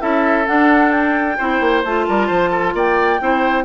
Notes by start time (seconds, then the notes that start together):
0.00 C#4 E4 A4 E5
0.46 D4 F#5
0.92 G5
1.38 C4 E4 C5
1.60 A#3
1.85 A3 F4 A5
2.08 G3 A#4
2.27 F3 C5
2.51 A4
2.74 A#3 D5 G5
3.20 C4 E4 C5